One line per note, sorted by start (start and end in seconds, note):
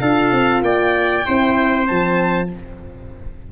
0.00 0.32 D4
0.00 1.26 F4
0.00 0.64 A4
0.00 0.62 F5
0.32 0.62 C4
0.62 1.24 A#3
0.62 1.27 D5
0.62 1.87 G5
1.26 1.90 C4
1.26 1.86 E4
1.26 2.50 C5
1.86 2.52 F3
1.86 2.48 C4
1.86 2.49 A5